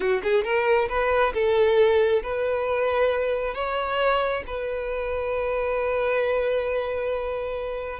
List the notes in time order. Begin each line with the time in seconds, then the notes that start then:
0.00 F#4
0.23 G#4
0.43 A#4
0.88 B4
1.33 A4
2.22 B4
3.54 C#5
4.46 B4